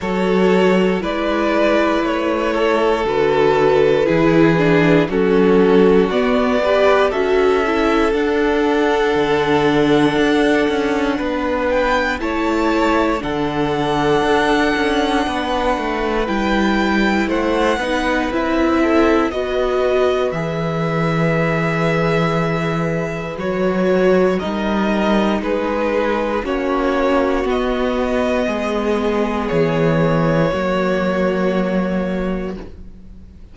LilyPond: <<
  \new Staff \with { instrumentName = "violin" } { \time 4/4 \tempo 4 = 59 cis''4 d''4 cis''4 b'4~ | b'4 a'4 d''4 e''4 | fis''2.~ fis''8 g''8 | a''4 fis''2. |
g''4 fis''4 e''4 dis''4 | e''2. cis''4 | dis''4 b'4 cis''4 dis''4~ | dis''4 cis''2. | }
  \new Staff \with { instrumentName = "violin" } { \time 4/4 a'4 b'4. a'4. | gis'4 fis'4. b'8 a'4~ | a'2. b'4 | cis''4 a'2 b'4~ |
b'4 c''8 b'4 a'8 b'4~ | b'1 | ais'4 gis'4 fis'2 | gis'2 fis'2 | }
  \new Staff \with { instrumentName = "viola" } { \time 4/4 fis'4 e'2 fis'4 | e'8 d'8 cis'4 b8 g'8 fis'8 e'8 | d'1 | e'4 d'2. |
e'4. dis'8 e'4 fis'4 | gis'2. fis'4 | dis'2 cis'4 b4~ | b2 ais2 | }
  \new Staff \with { instrumentName = "cello" } { \time 4/4 fis4 gis4 a4 d4 | e4 fis4 b4 cis'4 | d'4 d4 d'8 cis'8 b4 | a4 d4 d'8 cis'8 b8 a8 |
g4 a8 b8 c'4 b4 | e2. fis4 | g4 gis4 ais4 b4 | gis4 e4 fis2 | }
>>